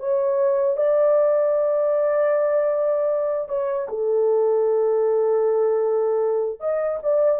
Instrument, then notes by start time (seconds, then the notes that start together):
horn
0.00 C#5
0.77 D5
3.49 C#5
3.89 A4
6.60 D#5
7.03 D5